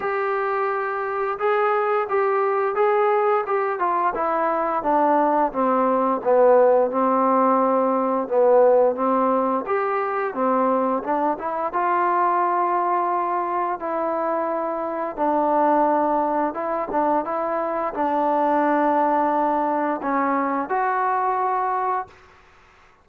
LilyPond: \new Staff \with { instrumentName = "trombone" } { \time 4/4 \tempo 4 = 87 g'2 gis'4 g'4 | gis'4 g'8 f'8 e'4 d'4 | c'4 b4 c'2 | b4 c'4 g'4 c'4 |
d'8 e'8 f'2. | e'2 d'2 | e'8 d'8 e'4 d'2~ | d'4 cis'4 fis'2 | }